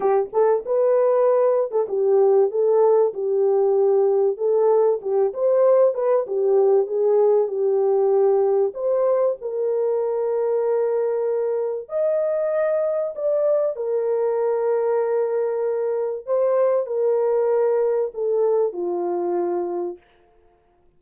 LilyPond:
\new Staff \with { instrumentName = "horn" } { \time 4/4 \tempo 4 = 96 g'8 a'8 b'4.~ b'16 a'16 g'4 | a'4 g'2 a'4 | g'8 c''4 b'8 g'4 gis'4 | g'2 c''4 ais'4~ |
ais'2. dis''4~ | dis''4 d''4 ais'2~ | ais'2 c''4 ais'4~ | ais'4 a'4 f'2 | }